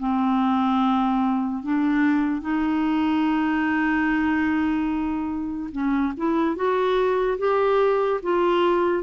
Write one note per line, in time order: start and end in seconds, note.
0.00 1.63 C4
1.63 2.42 D4
2.42 5.70 D#4
5.72 6.13 C#4
6.17 6.56 E4
6.56 7.38 F#4
7.39 8.21 G4
8.23 9.04 F4